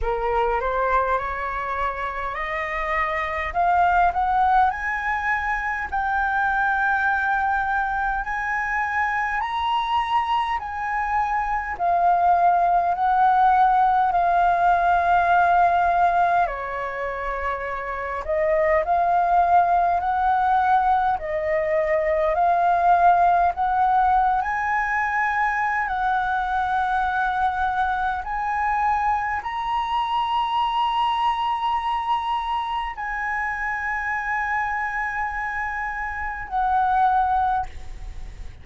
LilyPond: \new Staff \with { instrumentName = "flute" } { \time 4/4 \tempo 4 = 51 ais'8 c''8 cis''4 dis''4 f''8 fis''8 | gis''4 g''2 gis''4 | ais''4 gis''4 f''4 fis''4 | f''2 cis''4. dis''8 |
f''4 fis''4 dis''4 f''4 | fis''8. gis''4~ gis''16 fis''2 | gis''4 ais''2. | gis''2. fis''4 | }